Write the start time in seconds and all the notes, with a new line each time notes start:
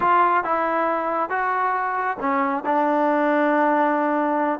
0.00 F4
0.44 E4
1.29 F#4
2.20 C#4
2.65 D4